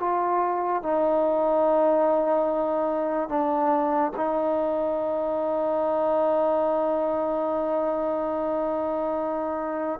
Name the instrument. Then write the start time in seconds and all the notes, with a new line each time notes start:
trombone
0.00 F4
0.83 D#4
3.29 D4
4.17 D#4